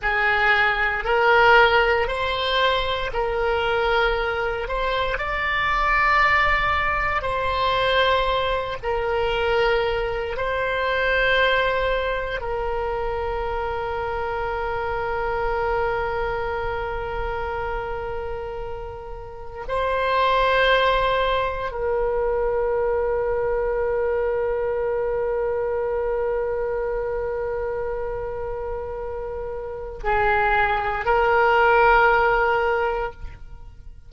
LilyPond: \new Staff \with { instrumentName = "oboe" } { \time 4/4 \tempo 4 = 58 gis'4 ais'4 c''4 ais'4~ | ais'8 c''8 d''2 c''4~ | c''8 ais'4. c''2 | ais'1~ |
ais'2. c''4~ | c''4 ais'2.~ | ais'1~ | ais'4 gis'4 ais'2 | }